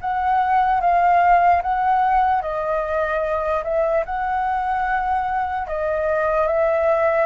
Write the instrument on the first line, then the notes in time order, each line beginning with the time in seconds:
flute
0.00 F#5
0.80 F5
1.62 F#5
2.41 D#5
3.63 E5
4.05 F#5
5.67 D#5
6.47 E5